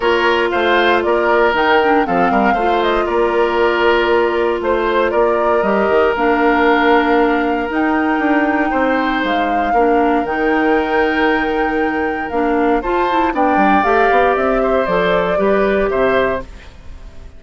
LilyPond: <<
  \new Staff \with { instrumentName = "flute" } { \time 4/4 \tempo 4 = 117 cis''4 f''4 d''4 g''4 | f''4. dis''8 d''2~ | d''4 c''4 d''4 dis''4 | f''2. g''4~ |
g''2 f''2 | g''1 | f''4 a''4 g''4 f''4 | e''4 d''2 e''4 | }
  \new Staff \with { instrumentName = "oboe" } { \time 4/4 ais'4 c''4 ais'2 | a'8 ais'8 c''4 ais'2~ | ais'4 c''4 ais'2~ | ais'1~ |
ais'4 c''2 ais'4~ | ais'1~ | ais'4 c''4 d''2~ | d''8 c''4. b'4 c''4 | }
  \new Staff \with { instrumentName = "clarinet" } { \time 4/4 f'2. dis'8 d'8 | c'4 f'2.~ | f'2. g'4 | d'2. dis'4~ |
dis'2. d'4 | dis'1 | d'4 f'8 e'8 d'4 g'4~ | g'4 a'4 g'2 | }
  \new Staff \with { instrumentName = "bassoon" } { \time 4/4 ais4 a4 ais4 dis4 | f8 g8 a4 ais2~ | ais4 a4 ais4 g8 dis8 | ais2. dis'4 |
d'4 c'4 gis4 ais4 | dis1 | ais4 f'4 b8 g8 a8 b8 | c'4 f4 g4 c4 | }
>>